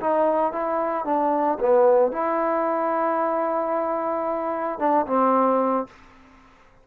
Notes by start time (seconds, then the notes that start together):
0.00 D#4
0.52 E4
1.05 D4
1.59 B3
2.12 E4
4.79 D4
5.06 C4